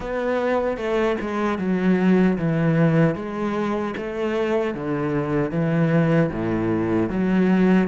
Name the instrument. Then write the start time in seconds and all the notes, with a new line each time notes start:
cello
0.00 B3
0.77 A3
1.20 G#3
1.58 F#3
2.38 E3
3.15 G#3
3.97 A3
4.74 D3
5.51 E3
6.32 A2
7.09 F#3